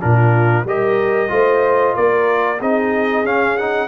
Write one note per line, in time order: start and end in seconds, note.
0.00 0.64 A#2
0.00 0.65 D4
0.00 0.66 F4
0.00 0.65 A#4
0.64 1.28 G3
0.64 1.28 G4
0.64 1.31 A#4
0.64 1.95 D#5
1.28 1.94 A3
1.28 2.57 F4
1.28 1.95 C5
1.95 2.60 A#3
1.95 2.58 A#4
1.95 2.60 D5
2.58 3.24 C4
2.58 3.25 D#4
2.58 3.87 G#4
2.58 3.26 D#5
3.24 3.88 C#4
3.24 3.58 C#4
3.24 3.57 F5
3.57 3.88 D#4
3.57 3.88 F#5